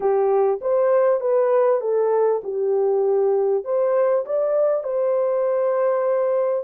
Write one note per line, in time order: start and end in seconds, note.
0.00 0.60 G4
0.61 1.20 C5
1.20 1.80 B4
1.80 2.41 A4
2.43 3.64 G4
3.64 4.25 C5
4.25 4.83 D5
4.83 6.64 C5